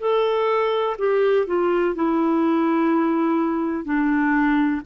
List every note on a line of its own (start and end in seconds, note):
0.00 0.97 A4
0.98 1.46 G4
1.46 1.95 F4
1.95 3.85 E4
3.85 4.82 D4